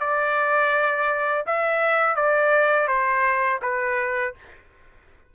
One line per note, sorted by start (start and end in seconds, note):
0.00 1.45 D5
1.46 2.16 E5
2.16 2.88 D5
2.88 3.60 C5
3.62 4.34 B4